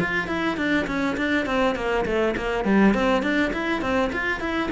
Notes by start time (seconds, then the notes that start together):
0.00 F4
0.28 E4
0.57 D4
0.87 C#4
1.17 D4
1.46 C4
1.76 A#3
2.06 A3
2.37 A#3
2.65 G3
2.94 C4
3.23 D4
3.53 E4
3.81 C4
4.13 F4
4.40 E4